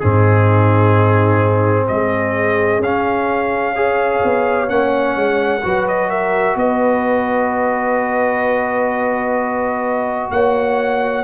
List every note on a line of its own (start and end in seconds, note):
0.00 1.90 G#2
0.00 2.83 C4
0.00 1.88 D#4
0.00 1.88 G#4
1.88 2.79 G#3
1.88 3.75 G#4
1.88 2.82 D#5
2.79 4.20 C#4
2.79 4.70 F5
2.86 3.76 C#4
3.75 4.68 G#4
3.75 5.62 C#5
4.24 4.70 B3
4.68 5.16 A#3
4.68 5.62 C#4
4.68 5.87 F#5
5.16 5.63 G#3
5.63 6.56 F#3
5.63 11.24 F#4
5.63 6.10 B4
5.88 6.10 D#5
6.10 6.57 A#4
6.10 6.57 E5
6.56 10.31 B3
6.56 10.33 B4
6.56 10.31 D#5
10.31 11.24 A#3
10.31 11.24 C#5
10.31 11.24 F#5